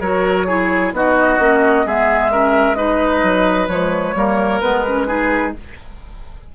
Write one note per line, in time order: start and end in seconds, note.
0.00 0.92 F#3
0.00 0.47 F#4
0.00 0.46 A#4
0.00 0.93 C#5
0.46 0.93 E4
0.46 0.92 G#4
0.92 1.38 B3
0.92 1.39 D#4
0.92 1.86 F#4
0.92 1.87 D#5
1.39 1.85 A#3
1.39 1.85 C#4
1.85 3.23 G#3
1.85 2.31 B3
1.85 2.32 G#4
1.85 2.75 E5
2.32 2.76 C#4
2.32 2.77 A#4
2.75 3.68 D#4
2.75 4.15 B4
2.75 3.67 D#5
3.23 3.68 F#3
3.68 4.14 F3
3.68 4.14 G#3
3.68 4.60 C#5
4.15 4.61 G3
4.15 4.61 A#3
4.15 5.07 A#4
4.60 5.55 G#3
4.60 4.84 B3
4.60 5.53 B4
4.87 5.07 C#4
5.07 5.53 D#4
5.07 5.53 G#4